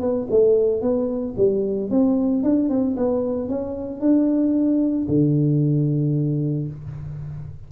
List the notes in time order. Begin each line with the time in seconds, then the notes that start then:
0.00 B3
0.30 A3
0.81 B3
1.37 G3
1.90 C4
2.43 D4
2.69 C4
2.96 B3
3.48 C#4
4.00 D4
5.08 D3